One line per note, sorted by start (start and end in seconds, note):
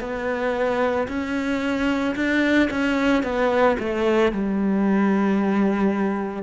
0.00 1.07 B3
1.08 2.15 C#4
2.15 2.69 D4
2.70 3.23 C#4
3.23 3.76 B3
3.79 4.31 A3
4.31 6.42 G3